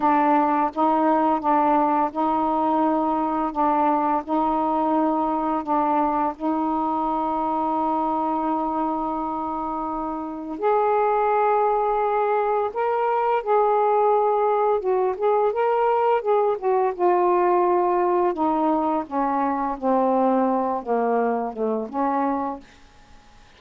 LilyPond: \new Staff \with { instrumentName = "saxophone" } { \time 4/4 \tempo 4 = 85 d'4 dis'4 d'4 dis'4~ | dis'4 d'4 dis'2 | d'4 dis'2.~ | dis'2. gis'4~ |
gis'2 ais'4 gis'4~ | gis'4 fis'8 gis'8 ais'4 gis'8 fis'8 | f'2 dis'4 cis'4 | c'4. ais4 a8 cis'4 | }